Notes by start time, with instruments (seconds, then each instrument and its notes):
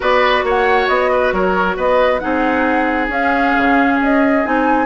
0.00 bassoon B3, clarinet F#4, oboe B4, flute D5
0.43 bassoon A#3, oboe C#5, flute F#5
0.87 bassoon B3, flute D#5
1.12 oboe B4
1.32 bassoon F#3, oboe A#4, flute C#5
1.76 bassoon B3, oboe B4, flute D#5
2.19 bassoon C4, clarinet D#4, oboe G#4, flute F#5
3.08 bassoon C#4, clarinet C#4, flute F5
3.57 bassoon C#3
4.00 bassoon C#4, flute D#5
4.44 bassoon C4, clarinet D#4, flute G#5